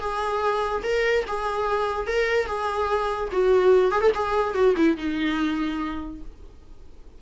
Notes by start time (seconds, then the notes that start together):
0.00 G#4
0.84 A#4
1.27 G#4
2.07 A#4
2.46 G#4
3.32 F#4
3.92 G#4
4.01 A4
4.15 G#4
4.54 F#4
4.77 E4
4.97 D#4